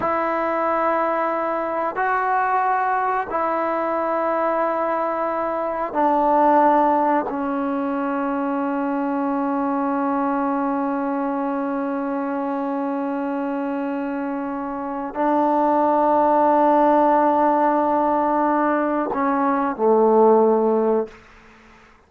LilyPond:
\new Staff \with { instrumentName = "trombone" } { \time 4/4 \tempo 4 = 91 e'2. fis'4~ | fis'4 e'2.~ | e'4 d'2 cis'4~ | cis'1~ |
cis'1~ | cis'2. d'4~ | d'1~ | d'4 cis'4 a2 | }